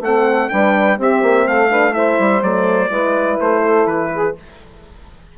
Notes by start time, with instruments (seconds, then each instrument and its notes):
0.00 bassoon A3, horn C4, saxophone A4, trumpet F#5
0.49 bassoon G3, horn D4, saxophone B4, trumpet G5
0.97 horn C4, bassoon C4, saxophone G4, trumpet E5
1.22 bassoon A#3
1.47 bassoon A3, saxophone A4, trumpet F5
1.69 horn D4, saxophone B4
1.92 horn E4, saxophone C5, trumpet E5
2.19 bassoon G3
2.42 bassoon F#3, horn A3, trumpet D5
2.90 bassoon G#3, horn E4, saxophone B4
3.40 bassoon A3, trumpet C5
3.62 saxophone A4
3.86 bassoon E3, trumpet B4
4.13 saxophone G#4